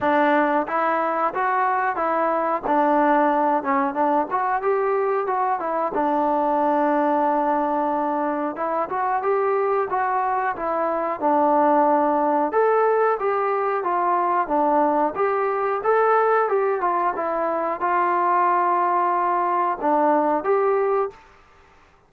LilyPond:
\new Staff \with { instrumentName = "trombone" } { \time 4/4 \tempo 4 = 91 d'4 e'4 fis'4 e'4 | d'4. cis'8 d'8 fis'8 g'4 | fis'8 e'8 d'2.~ | d'4 e'8 fis'8 g'4 fis'4 |
e'4 d'2 a'4 | g'4 f'4 d'4 g'4 | a'4 g'8 f'8 e'4 f'4~ | f'2 d'4 g'4 | }